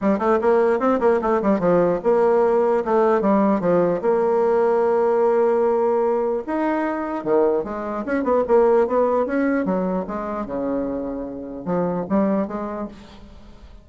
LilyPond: \new Staff \with { instrumentName = "bassoon" } { \time 4/4 \tempo 4 = 149 g8 a8 ais4 c'8 ais8 a8 g8 | f4 ais2 a4 | g4 f4 ais2~ | ais1 |
dis'2 dis4 gis4 | cis'8 b8 ais4 b4 cis'4 | fis4 gis4 cis2~ | cis4 f4 g4 gis4 | }